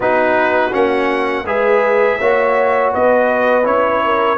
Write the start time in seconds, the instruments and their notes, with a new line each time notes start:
0.00 tuba B3, trombone D#4, horn F#4, trumpet B4
0.71 tuba A#3, trombone C#4, trumpet F#5
1.45 tuba G#3, trombone G#4, horn B4, trumpet E5
2.18 tuba A#3, trombone F#4, horn C#5
2.92 tuba B3, horn B4, trumpet D#5
3.63 tuba C#4, trombone E4, trumpet C#5
4.04 horn A#4